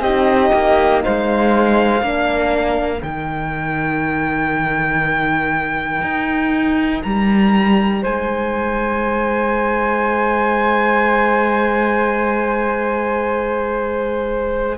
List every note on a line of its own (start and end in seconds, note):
0.00 0.50 C4
0.00 2.02 D#4
0.00 1.03 G4
0.00 1.02 D#5
0.53 1.03 A#3
1.04 2.01 G#3
1.04 2.04 C5
1.04 3.02 F5
2.01 3.01 A#3
2.01 3.00 D4
2.01 8.02 A#4
3.00 6.02 D#3
3.00 14.75 D#4
3.00 7.02 G5
6.02 7.02 D#4
7.03 8.05 G3
7.03 8.03 A#5
8.02 14.77 G#3
8.02 14.77 C5
8.02 14.77 G#5